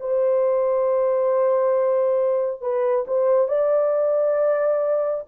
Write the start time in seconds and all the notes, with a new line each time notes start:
0.00 C5
2.61 B4
3.07 C5
3.48 D5